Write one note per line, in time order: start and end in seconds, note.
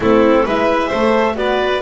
0.00 0.44 A3
0.00 0.46 C4
0.00 0.45 E4
0.00 0.47 A4
0.45 0.91 G#3
0.45 0.91 E4
0.45 0.87 B4
0.45 1.36 E5
0.87 1.36 A3
0.87 1.35 A4
0.87 1.33 C5
1.35 1.81 B3
1.35 1.81 F#4
1.35 1.81 B4
1.35 1.81 D5